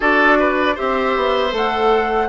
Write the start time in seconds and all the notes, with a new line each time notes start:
0.00 D4 F#4 A4 D5
0.39 B4
0.75 C4 G4 C5 E5
1.16 B3
1.50 A3 A4 F#5